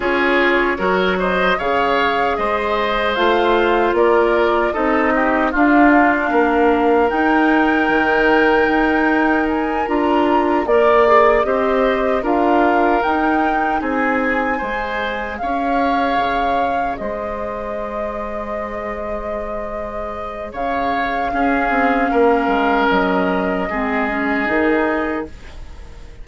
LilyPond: <<
  \new Staff \with { instrumentName = "flute" } { \time 4/4 \tempo 4 = 76 cis''4. dis''8 f''4 dis''4 | f''4 d''4 dis''4 f''4~ | f''4 g''2. | gis''8 ais''4 d''4 dis''4 f''8~ |
f''8 g''4 gis''2 f''8~ | f''4. dis''2~ dis''8~ | dis''2 f''2~ | f''4 dis''2. | }
  \new Staff \with { instrumentName = "oboe" } { \time 4/4 gis'4 ais'8 c''8 cis''4 c''4~ | c''4 ais'4 a'8 g'8 f'4 | ais'1~ | ais'4. d''4 c''4 ais'8~ |
ais'4. gis'4 c''4 cis''8~ | cis''4. c''2~ c''8~ | c''2 cis''4 gis'4 | ais'2 gis'2 | }
  \new Staff \with { instrumentName = "clarinet" } { \time 4/4 f'4 fis'4 gis'2 | f'2 dis'4 d'4~ | d'4 dis'2.~ | dis'8 f'4 ais'8 gis'8 g'4 f'8~ |
f'8 dis'2 gis'4.~ | gis'1~ | gis'2. cis'4~ | cis'2 c'8 cis'8 dis'4 | }
  \new Staff \with { instrumentName = "bassoon" } { \time 4/4 cis'4 fis4 cis4 gis4 | a4 ais4 c'4 d'4 | ais4 dis'4 dis4 dis'4~ | dis'8 d'4 ais4 c'4 d'8~ |
d'8 dis'4 c'4 gis4 cis'8~ | cis'8 cis4 gis2~ gis8~ | gis2 cis4 cis'8 c'8 | ais8 gis8 fis4 gis4 dis4 | }
>>